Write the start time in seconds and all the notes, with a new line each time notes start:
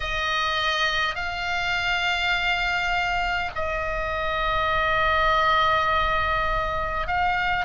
0.00 D#5
1.15 F5
3.55 D#5
7.07 F5